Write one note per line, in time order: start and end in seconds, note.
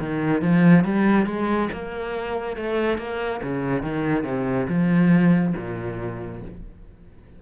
0.00 0.42 D#3
0.42 0.85 F3
0.85 1.26 G3
1.26 1.69 G#3
1.73 2.57 A#3
2.57 2.98 A3
2.98 3.41 A#3
3.43 3.83 C#3
3.83 4.24 D#3
4.24 4.67 C3
4.69 5.54 F3
5.57 6.42 A#2